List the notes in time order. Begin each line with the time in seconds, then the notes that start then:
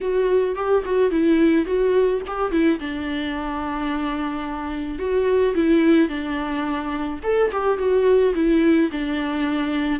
0.01 F#4
0.55 G4
0.85 F#4
1.10 E4
1.65 F#4
2.27 G4
2.51 E4
2.79 D4
4.98 F#4
5.54 E4
6.08 D4
7.23 A4
7.52 G4
7.78 F#4
8.34 E4
8.91 D4